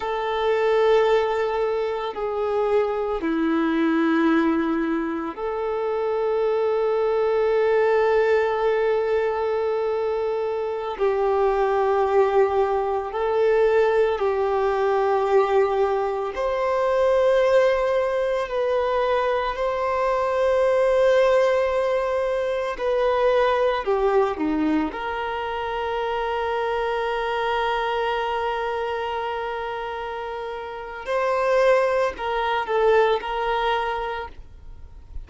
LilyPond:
\new Staff \with { instrumentName = "violin" } { \time 4/4 \tempo 4 = 56 a'2 gis'4 e'4~ | e'4 a'2.~ | a'2~ a'16 g'4.~ g'16~ | g'16 a'4 g'2 c''8.~ |
c''4~ c''16 b'4 c''4.~ c''16~ | c''4~ c''16 b'4 g'8 dis'8 ais'8.~ | ais'1~ | ais'4 c''4 ais'8 a'8 ais'4 | }